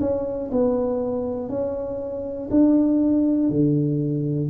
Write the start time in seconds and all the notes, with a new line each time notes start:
0.00 C#4
0.52 B3
1.50 C#4
2.51 D4
3.50 D3